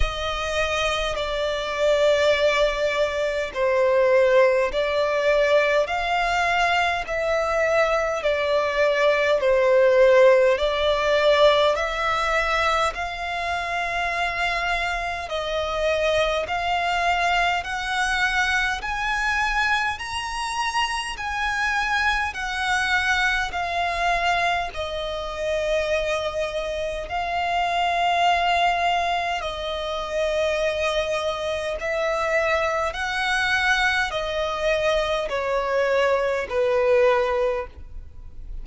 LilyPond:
\new Staff \with { instrumentName = "violin" } { \time 4/4 \tempo 4 = 51 dis''4 d''2 c''4 | d''4 f''4 e''4 d''4 | c''4 d''4 e''4 f''4~ | f''4 dis''4 f''4 fis''4 |
gis''4 ais''4 gis''4 fis''4 | f''4 dis''2 f''4~ | f''4 dis''2 e''4 | fis''4 dis''4 cis''4 b'4 | }